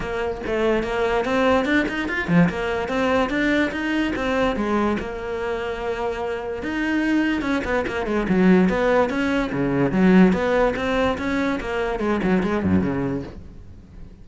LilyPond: \new Staff \with { instrumentName = "cello" } { \time 4/4 \tempo 4 = 145 ais4 a4 ais4 c'4 | d'8 dis'8 f'8 f8 ais4 c'4 | d'4 dis'4 c'4 gis4 | ais1 |
dis'2 cis'8 b8 ais8 gis8 | fis4 b4 cis'4 cis4 | fis4 b4 c'4 cis'4 | ais4 gis8 fis8 gis8 fis,8 cis4 | }